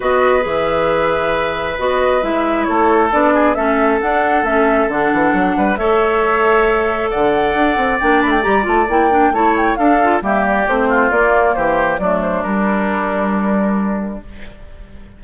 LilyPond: <<
  \new Staff \with { instrumentName = "flute" } { \time 4/4 \tempo 4 = 135 dis''4 e''2. | dis''4 e''4 cis''4 d''4 | e''4 fis''4 e''4 fis''4~ | fis''4 e''2. |
fis''2 g''8 b''16 g''16 ais''8 a''8 | g''4 a''8 g''8 f''4 e''8 d''8 | c''4 d''4 c''4 d''8 c''8 | ais'1 | }
  \new Staff \with { instrumentName = "oboe" } { \time 4/4 b'1~ | b'2 a'4. gis'8 | a'1~ | a'8 b'8 cis''2. |
d''1~ | d''4 cis''4 a'4 g'4~ | g'8 f'4. g'4 d'4~ | d'1 | }
  \new Staff \with { instrumentName = "clarinet" } { \time 4/4 fis'4 gis'2. | fis'4 e'2 d'4 | cis'4 d'4 cis'4 d'4~ | d'4 a'2.~ |
a'2 d'4 g'8 f'8 | e'8 d'8 e'4 d'8 f'8 ais4 | c'4 ais2 a4 | g1 | }
  \new Staff \with { instrumentName = "bassoon" } { \time 4/4 b4 e2. | b4 gis4 a4 b4 | a4 d'4 a4 d8 e8 | fis8 g8 a2. |
d4 d'8 c'8 ais8 a8 g8 a8 | ais4 a4 d'4 g4 | a4 ais4 e4 fis4 | g1 | }
>>